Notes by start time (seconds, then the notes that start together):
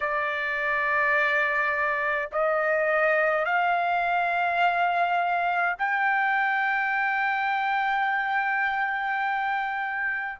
0.00 D5
2.31 D#5
3.45 F5
5.78 G5